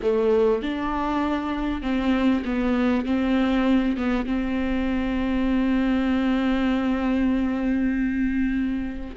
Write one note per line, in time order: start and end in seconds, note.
0.02 0.62 A3
0.62 1.82 D4
1.82 2.43 C4
2.44 3.05 B3
3.05 3.96 C4
3.96 4.26 B3
4.26 9.15 C4